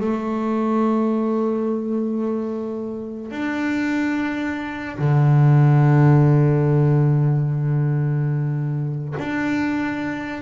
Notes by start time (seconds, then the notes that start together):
0.00 A3
3.31 D4
4.98 D3
9.19 D4